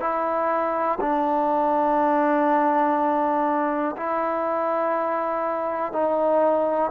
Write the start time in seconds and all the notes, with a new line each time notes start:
0.00 E4
1.01 D4
3.97 E4
5.92 D#4